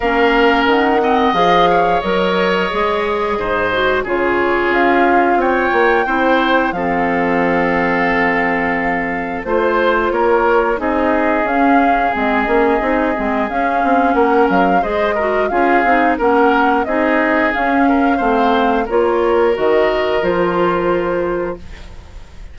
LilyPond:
<<
  \new Staff \with { instrumentName = "flute" } { \time 4/4 \tempo 4 = 89 f''4 fis''4 f''4 dis''4~ | dis''2 cis''4 f''4 | g''2 f''2~ | f''2 c''4 cis''4 |
dis''4 f''4 dis''2 | f''4 fis''8 f''8 dis''4 f''4 | fis''4 dis''4 f''2 | cis''4 dis''4 c''2 | }
  \new Staff \with { instrumentName = "oboe" } { \time 4/4 ais'4. dis''4 cis''4.~ | cis''4 c''4 gis'2 | cis''4 c''4 a'2~ | a'2 c''4 ais'4 |
gis'1~ | gis'4 ais'4 c''8 ais'8 gis'4 | ais'4 gis'4. ais'8 c''4 | ais'1 | }
  \new Staff \with { instrumentName = "clarinet" } { \time 4/4 cis'4. c'8 gis'4 ais'4 | gis'4. fis'8 f'2~ | f'4 e'4 c'2~ | c'2 f'2 |
dis'4 cis'4 c'8 cis'8 dis'8 c'8 | cis'2 gis'8 fis'8 f'8 dis'8 | cis'4 dis'4 cis'4 c'4 | f'4 fis'4 f'2 | }
  \new Staff \with { instrumentName = "bassoon" } { \time 4/4 ais4 dis4 f4 fis4 | gis4 gis,4 cis4 cis'4 | c'8 ais8 c'4 f2~ | f2 a4 ais4 |
c'4 cis'4 gis8 ais8 c'8 gis8 | cis'8 c'8 ais8 fis8 gis4 cis'8 c'8 | ais4 c'4 cis'4 a4 | ais4 dis4 f2 | }
>>